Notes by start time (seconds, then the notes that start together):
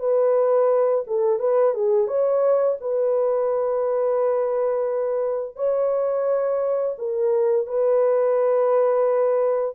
0.00 B4
1.07 A4
1.40 B4
1.75 G#4
2.08 C#5
2.81 B4
5.56 C#5
6.99 A#4
7.67 B4